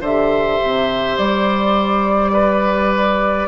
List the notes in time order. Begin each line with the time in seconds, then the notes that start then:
0.00 D3 G4 C5 E5
0.63 C3
1.18 G3 D5
2.33 B4